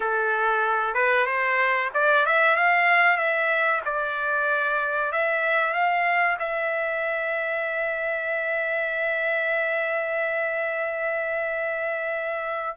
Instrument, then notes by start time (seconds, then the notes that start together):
trumpet
0.00 A4
0.94 B4
1.26 C5
1.94 D5
2.25 E5
2.56 F5
3.17 E5
3.85 D5
5.12 E5
5.73 F5
6.39 E5